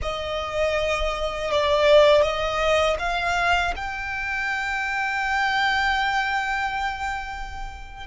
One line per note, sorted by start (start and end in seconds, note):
0.02 1.51 D#5
1.51 2.22 D5
2.22 2.97 D#5
2.99 3.74 F5
3.75 8.06 G5